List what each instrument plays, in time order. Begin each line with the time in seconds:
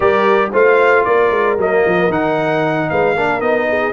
0.00 tuba G3, trombone G4, horn A#4, trumpet D5
0.52 tuba A3, trombone F4, horn C5, trumpet F5
1.04 tuba A#3, horn A#4, trumpet D5
1.30 tuba G#3
1.57 tuba F#3, trombone A#3, trumpet D#5
1.85 tuba F3
2.08 tuba D#3, trombone D#4, trumpet F#5
2.89 tuba G#3, horn B4, trumpet F5
3.14 tuba A#3, trombone D4, horn A#4
3.40 tuba B3, trombone D#4, trumpet D#5
3.69 horn G#4